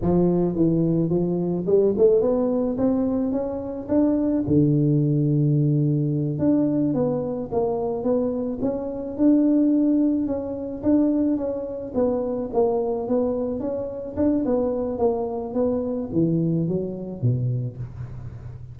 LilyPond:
\new Staff \with { instrumentName = "tuba" } { \time 4/4 \tempo 4 = 108 f4 e4 f4 g8 a8 | b4 c'4 cis'4 d'4 | d2.~ d8 d'8~ | d'8 b4 ais4 b4 cis'8~ |
cis'8 d'2 cis'4 d'8~ | d'8 cis'4 b4 ais4 b8~ | b8 cis'4 d'8 b4 ais4 | b4 e4 fis4 b,4 | }